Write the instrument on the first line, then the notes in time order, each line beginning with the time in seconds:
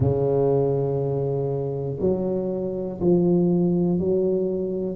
tuba
0.00 C#3
2.00 F#3
3.00 F3
3.99 F#3